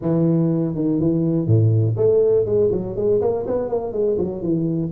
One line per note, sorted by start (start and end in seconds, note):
0.01 0.75 E3
0.75 1.00 D#3
1.00 1.46 E3
1.46 1.95 A2
1.96 2.45 A3
2.45 2.70 G#3
2.71 2.96 F#3
2.96 3.20 G#3
3.21 3.45 A#3
3.46 3.68 B3
3.68 3.92 A#3
3.92 4.17 G#3
4.18 4.42 F#3
4.42 4.91 E3